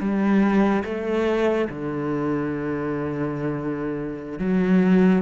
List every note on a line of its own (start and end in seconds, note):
0.00 0.83 G3
0.84 1.68 A3
1.69 4.39 D3
4.39 5.22 F#3